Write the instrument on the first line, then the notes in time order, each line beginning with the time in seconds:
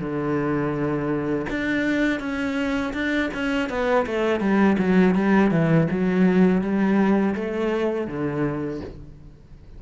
cello
0.00 D3
1.50 D4
2.20 C#4
2.93 D4
3.34 C#4
3.70 B3
4.06 A3
4.40 G3
4.79 F#3
5.15 G3
5.51 E3
5.91 F#3
6.62 G3
7.35 A3
8.08 D3